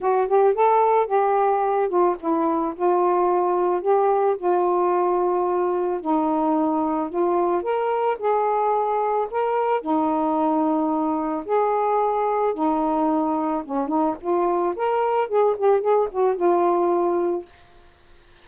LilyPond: \new Staff \with { instrumentName = "saxophone" } { \time 4/4 \tempo 4 = 110 fis'8 g'8 a'4 g'4. f'8 | e'4 f'2 g'4 | f'2. dis'4~ | dis'4 f'4 ais'4 gis'4~ |
gis'4 ais'4 dis'2~ | dis'4 gis'2 dis'4~ | dis'4 cis'8 dis'8 f'4 ais'4 | gis'8 g'8 gis'8 fis'8 f'2 | }